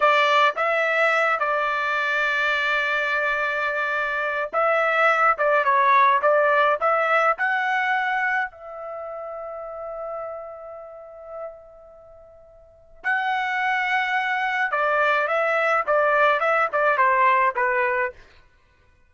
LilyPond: \new Staff \with { instrumentName = "trumpet" } { \time 4/4 \tempo 4 = 106 d''4 e''4. d''4.~ | d''1 | e''4. d''8 cis''4 d''4 | e''4 fis''2 e''4~ |
e''1~ | e''2. fis''4~ | fis''2 d''4 e''4 | d''4 e''8 d''8 c''4 b'4 | }